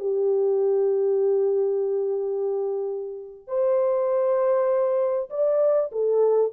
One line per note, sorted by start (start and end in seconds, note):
0.00 3.48 G4
3.48 5.30 C5
5.30 5.91 D5
5.92 6.53 A4